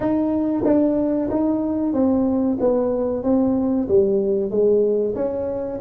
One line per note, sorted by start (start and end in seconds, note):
0.00 0.63 D#4
0.65 1.29 D4
1.30 1.93 D#4
1.93 2.57 C4
2.60 3.23 B3
3.23 3.87 C4
3.88 4.50 G3
4.50 5.14 G#3
5.15 5.79 C#4